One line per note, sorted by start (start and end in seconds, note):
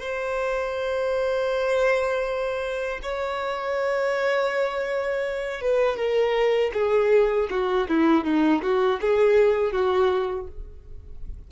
0.00 3.00 C5
3.03 5.61 C#5
5.61 5.97 B4
5.97 6.72 A#4
6.74 7.49 G#4
7.50 7.88 F#4
7.89 8.25 E4
8.25 8.62 D#4
8.62 9.00 F#4
9.01 9.73 G#4
9.73 10.48 F#4